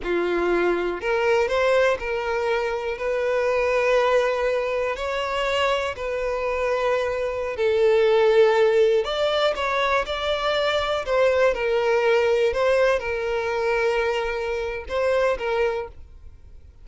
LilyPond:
\new Staff \with { instrumentName = "violin" } { \time 4/4 \tempo 4 = 121 f'2 ais'4 c''4 | ais'2 b'2~ | b'2 cis''2 | b'2.~ b'16 a'8.~ |
a'2~ a'16 d''4 cis''8.~ | cis''16 d''2 c''4 ais'8.~ | ais'4~ ais'16 c''4 ais'4.~ ais'16~ | ais'2 c''4 ais'4 | }